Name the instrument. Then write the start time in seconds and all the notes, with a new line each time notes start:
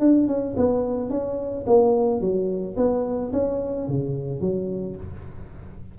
tuba
0.00 D4
0.28 C#4
0.57 B3
1.10 C#4
1.67 A#3
2.21 F#3
2.77 B3
3.33 C#4
3.88 C#3
4.41 F#3